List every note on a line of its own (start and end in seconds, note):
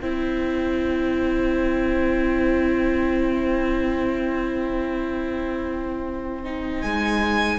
0.00 6.83 C4
0.00 6.44 E4
0.00 7.58 C5
0.00 6.81 G5
6.44 7.58 D#4
6.81 7.58 G#3
6.81 7.58 G#5